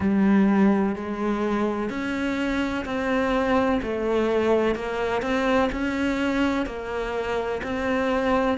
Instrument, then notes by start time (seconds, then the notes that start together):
cello
0.00 G3
0.95 G#3
1.89 C#4
2.85 C4
3.82 A3
4.74 A#3
5.22 C4
5.71 C#4
6.66 A#3
7.63 C4